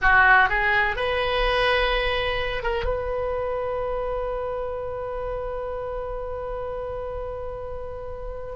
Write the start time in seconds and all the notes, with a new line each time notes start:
0.01 F#4
0.49 G#4
0.95 B4
2.62 A#4
2.84 B4